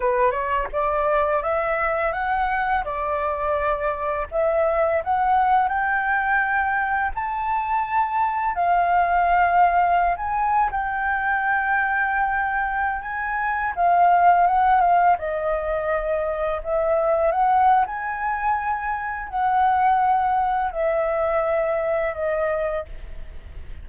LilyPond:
\new Staff \with { instrumentName = "flute" } { \time 4/4 \tempo 4 = 84 b'8 cis''8 d''4 e''4 fis''4 | d''2 e''4 fis''4 | g''2 a''2 | f''2~ f''16 gis''8. g''4~ |
g''2~ g''16 gis''4 f''8.~ | f''16 fis''8 f''8 dis''2 e''8.~ | e''16 fis''8. gis''2 fis''4~ | fis''4 e''2 dis''4 | }